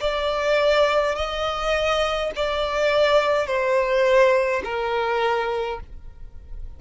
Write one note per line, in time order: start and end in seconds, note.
0.00 1.15 D5
1.15 2.31 D#5
2.35 3.47 D5
3.47 4.62 C5
4.64 5.80 A#4